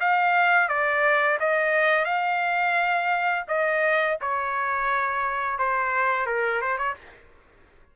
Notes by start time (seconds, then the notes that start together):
0.00 F5
0.68 D5
1.40 D#5
2.05 F5
3.48 D#5
4.21 C#5
5.58 C5
6.26 A#4
6.61 C5
6.77 C#5